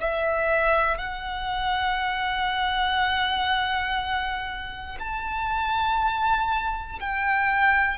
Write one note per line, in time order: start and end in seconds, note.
0.00 0.98 E5
0.98 4.98 F#5
5.00 7.00 A5
7.00 7.98 G5